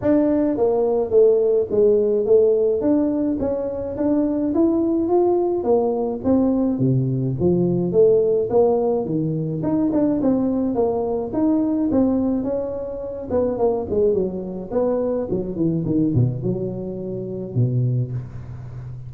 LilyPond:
\new Staff \with { instrumentName = "tuba" } { \time 4/4 \tempo 4 = 106 d'4 ais4 a4 gis4 | a4 d'4 cis'4 d'4 | e'4 f'4 ais4 c'4 | c4 f4 a4 ais4 |
dis4 dis'8 d'8 c'4 ais4 | dis'4 c'4 cis'4. b8 | ais8 gis8 fis4 b4 fis8 e8 | dis8 b,8 fis2 b,4 | }